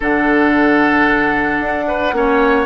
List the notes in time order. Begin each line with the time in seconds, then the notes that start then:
0.00 D3 D4 A4 F#5
1.60 D4
1.87 B4
2.12 A#3 C#4 C#5